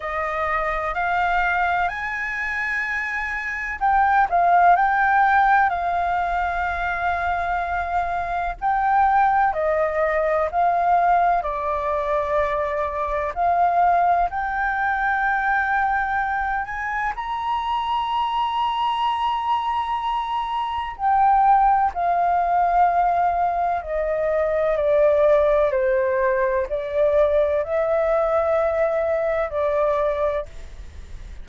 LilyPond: \new Staff \with { instrumentName = "flute" } { \time 4/4 \tempo 4 = 63 dis''4 f''4 gis''2 | g''8 f''8 g''4 f''2~ | f''4 g''4 dis''4 f''4 | d''2 f''4 g''4~ |
g''4. gis''8 ais''2~ | ais''2 g''4 f''4~ | f''4 dis''4 d''4 c''4 | d''4 e''2 d''4 | }